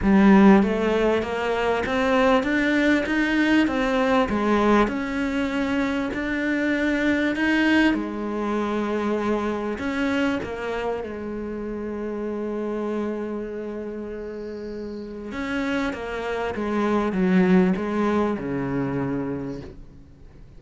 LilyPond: \new Staff \with { instrumentName = "cello" } { \time 4/4 \tempo 4 = 98 g4 a4 ais4 c'4 | d'4 dis'4 c'4 gis4 | cis'2 d'2 | dis'4 gis2. |
cis'4 ais4 gis2~ | gis1~ | gis4 cis'4 ais4 gis4 | fis4 gis4 cis2 | }